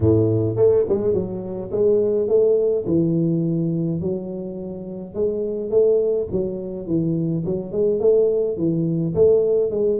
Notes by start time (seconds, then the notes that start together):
0.00 A2
0.56 A3
0.89 G#3
1.13 F#3
1.71 G#3
2.28 A3
2.86 E3
4.00 F#3
5.14 G#3
5.70 A3
6.31 F#3
6.86 E3
7.45 F#3
7.71 G#3
8.00 A3
8.57 E3
9.14 A3
9.71 G#3